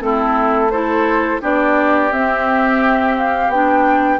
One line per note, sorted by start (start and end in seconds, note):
0.00 1.40 A3
0.00 0.70 C4
0.00 0.72 E4
0.00 0.70 A4
0.70 1.41 E4
0.70 1.41 A4
0.70 1.40 C5
1.41 2.12 B3
1.41 2.11 D4
1.41 4.19 G4
1.41 2.13 D5
2.12 3.48 C4
2.12 3.52 C4
2.12 3.17 E5
3.18 3.51 F5
3.48 4.18 B3
3.48 4.19 D4
3.48 4.19 G5